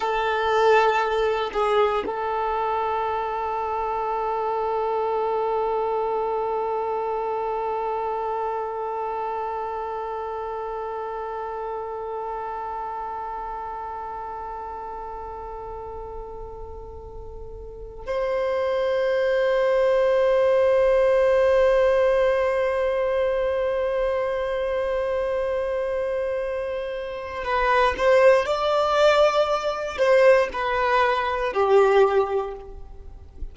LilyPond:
\new Staff \with { instrumentName = "violin" } { \time 4/4 \tempo 4 = 59 a'4. gis'8 a'2~ | a'1~ | a'1~ | a'1~ |
a'4.~ a'16 c''2~ c''16~ | c''1~ | c''2. b'8 c''8 | d''4. c''8 b'4 g'4 | }